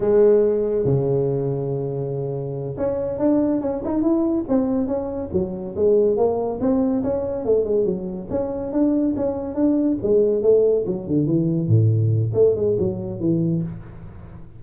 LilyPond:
\new Staff \with { instrumentName = "tuba" } { \time 4/4 \tempo 4 = 141 gis2 cis2~ | cis2~ cis8 cis'4 d'8~ | d'8 cis'8 dis'8 e'4 c'4 cis'8~ | cis'8 fis4 gis4 ais4 c'8~ |
c'8 cis'4 a8 gis8 fis4 cis'8~ | cis'8 d'4 cis'4 d'4 gis8~ | gis8 a4 fis8 d8 e4 a,8~ | a,4 a8 gis8 fis4 e4 | }